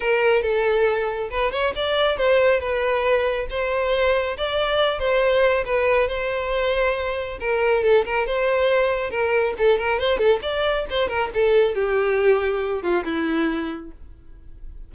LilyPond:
\new Staff \with { instrumentName = "violin" } { \time 4/4 \tempo 4 = 138 ais'4 a'2 b'8 cis''8 | d''4 c''4 b'2 | c''2 d''4. c''8~ | c''4 b'4 c''2~ |
c''4 ais'4 a'8 ais'8 c''4~ | c''4 ais'4 a'8 ais'8 c''8 a'8 | d''4 c''8 ais'8 a'4 g'4~ | g'4. f'8 e'2 | }